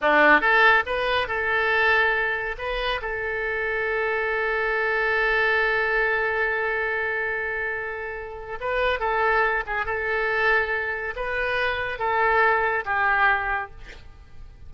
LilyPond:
\new Staff \with { instrumentName = "oboe" } { \time 4/4 \tempo 4 = 140 d'4 a'4 b'4 a'4~ | a'2 b'4 a'4~ | a'1~ | a'1~ |
a'1 | b'4 a'4. gis'8 a'4~ | a'2 b'2 | a'2 g'2 | }